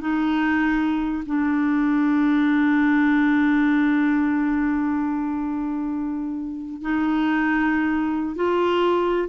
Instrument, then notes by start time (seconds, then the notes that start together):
clarinet
0.00 D#4
1.25 D4
6.81 D#4
8.35 F4